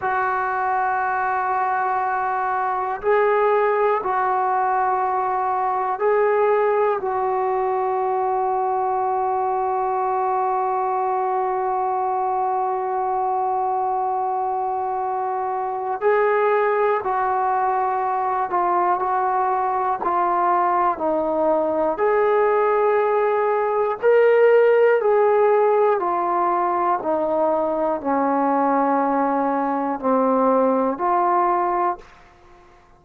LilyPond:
\new Staff \with { instrumentName = "trombone" } { \time 4/4 \tempo 4 = 60 fis'2. gis'4 | fis'2 gis'4 fis'4~ | fis'1~ | fis'1 |
gis'4 fis'4. f'8 fis'4 | f'4 dis'4 gis'2 | ais'4 gis'4 f'4 dis'4 | cis'2 c'4 f'4 | }